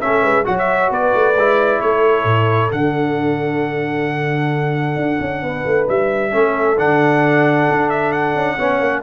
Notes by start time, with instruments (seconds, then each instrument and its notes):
0.00 tuba A3, trombone C#4, horn A4, trumpet E5
0.22 tuba G#3, horn B4
0.44 tuba F#3, trombone F#4, horn C#5, trumpet F#5
0.58 trumpet E5
0.90 tuba B3, horn B4, trumpet D5
1.14 tuba A3
1.34 tuba G#3, trombone E4
1.80 tuba A3, horn A4, trumpet C#5
2.23 tuba A2
2.71 tuba D3, trombone D4, trumpet F#5
4.96 tuba D4
5.20 tuba C#4
5.42 tuba B3, horn B4
5.65 tuba A3
5.88 tuba G3, trumpet E5
6.31 tuba A3, trombone C#4, horn A4
6.77 tuba D3, trombone D4, trumpet F#5
7.70 tuba D4
7.89 trumpet E5
8.12 trumpet F#5
8.34 tuba C#4
8.56 tuba B3, trombone C#4, horn C#5
8.80 tuba A#3